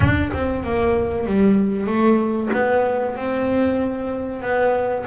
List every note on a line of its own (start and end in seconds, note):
0.00 0.31 D4
0.33 0.63 C4
0.63 1.26 A#3
1.26 1.86 G3
1.86 2.49 A3
2.53 3.16 B3
3.16 4.42 C4
4.42 5.05 B3